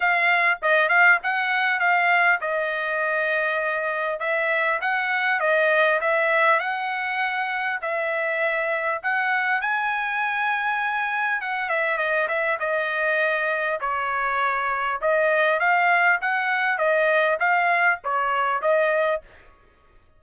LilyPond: \new Staff \with { instrumentName = "trumpet" } { \time 4/4 \tempo 4 = 100 f''4 dis''8 f''8 fis''4 f''4 | dis''2. e''4 | fis''4 dis''4 e''4 fis''4~ | fis''4 e''2 fis''4 |
gis''2. fis''8 e''8 | dis''8 e''8 dis''2 cis''4~ | cis''4 dis''4 f''4 fis''4 | dis''4 f''4 cis''4 dis''4 | }